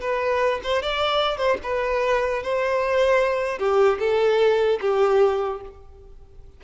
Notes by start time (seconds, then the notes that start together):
0.00 B4
0.63 C5
0.82 D5
1.37 C5
1.63 B4
2.43 C5
3.59 G4
3.99 A4
4.81 G4